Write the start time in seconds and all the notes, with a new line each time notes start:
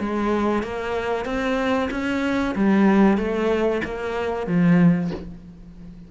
0.00 G#3
0.63 A#3
1.25 C4
1.91 C#4
2.55 G3
3.18 A3
3.84 A#3
4.47 F3